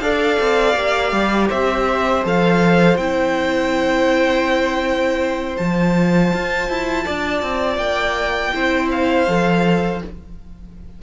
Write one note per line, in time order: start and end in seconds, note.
0.00 0.38 D4
0.00 0.76 A4
0.00 1.49 D5
0.00 1.48 F5
0.40 0.75 C4
0.75 1.12 A#3
0.75 2.23 G4
1.12 1.49 G3
1.49 2.25 C4
1.49 7.04 C5
1.49 2.25 E5
2.23 2.98 F3
2.23 2.98 A4
2.23 2.97 F5
2.97 5.57 C4
2.97 5.58 E4
2.97 5.57 G5
5.57 6.33 F3
5.57 8.55 F4
5.57 7.77 A5
6.33 6.69 F4
6.69 7.06 E4
7.05 7.42 D4
7.05 8.53 D5
7.42 7.77 C4
7.77 8.51 A#3
7.77 8.89 G5
8.55 9.28 C4
8.55 9.28 E4
8.55 10.03 C5
8.91 10.02 F5
9.28 10.02 F3
9.28 10.02 A4